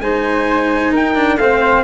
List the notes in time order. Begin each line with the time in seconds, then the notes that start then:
0.00 G#3 D#4 C5 G#5
0.92 D#4 A#4 G5
1.15 D4
1.37 A3 C4 C5 F5